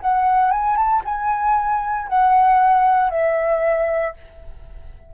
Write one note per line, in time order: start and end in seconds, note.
0.00 0.51 F#5
0.51 0.76 G#5
0.76 1.02 A5
1.04 2.07 G#5
2.07 3.10 F#5
3.10 4.13 E5